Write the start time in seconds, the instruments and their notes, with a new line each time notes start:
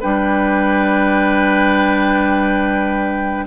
0.00 bassoon G3, clarinet D4, oboe B4, flute G5